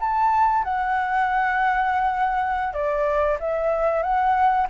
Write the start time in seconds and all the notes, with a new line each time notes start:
0.00 A5
0.64 F#5
2.74 D5
3.40 E5
4.03 F#5